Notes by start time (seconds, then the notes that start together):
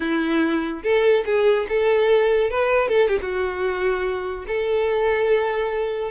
0.00 E4
0.83 A4
1.25 G#4
1.69 A4
2.50 B4
2.88 A4
3.08 G4
3.21 F#4
4.47 A4